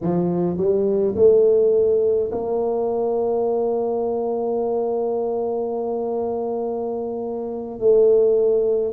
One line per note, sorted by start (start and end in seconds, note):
0.01 0.57 F3
0.57 1.14 G3
1.15 2.30 A3
2.31 7.79 A#3
7.79 8.93 A3